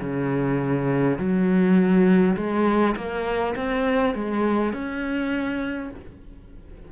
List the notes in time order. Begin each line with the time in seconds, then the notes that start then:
0.00 C#3
1.18 F#3
2.36 G#3
2.96 A#3
3.56 C4
4.14 G#3
4.73 C#4